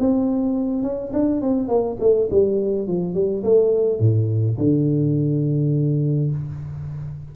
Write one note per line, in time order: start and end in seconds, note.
0.00 0.83 C4
0.83 1.12 C#4
1.13 1.42 D4
1.42 1.69 C4
1.69 1.97 A#3
2.00 2.29 A3
2.31 2.88 G3
2.88 3.14 F3
3.14 3.43 G3
3.44 4.00 A3
4.00 4.58 A2
4.58 6.31 D3